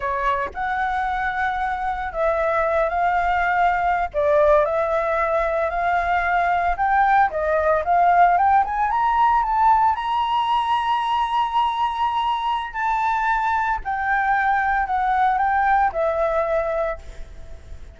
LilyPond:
\new Staff \with { instrumentName = "flute" } { \time 4/4 \tempo 4 = 113 cis''4 fis''2. | e''4. f''2~ f''16 d''16~ | d''8. e''2 f''4~ f''16~ | f''8. g''4 dis''4 f''4 g''16~ |
g''16 gis''8 ais''4 a''4 ais''4~ ais''16~ | ais''1 | a''2 g''2 | fis''4 g''4 e''2 | }